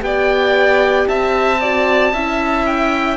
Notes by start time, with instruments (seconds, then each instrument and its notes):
0.00 cello B3, horn G4, violin D5, oboe G5
1.08 cello C4, violin E5, oboe A5
1.61 horn F#4, violin D5
2.13 cello C#4, horn E4, violin E5
2.66 oboe G5